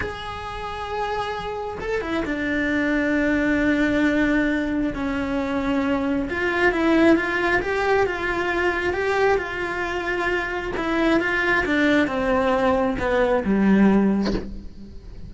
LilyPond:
\new Staff \with { instrumentName = "cello" } { \time 4/4 \tempo 4 = 134 gis'1 | a'8 e'8 d'2.~ | d'2. cis'4~ | cis'2 f'4 e'4 |
f'4 g'4 f'2 | g'4 f'2. | e'4 f'4 d'4 c'4~ | c'4 b4 g2 | }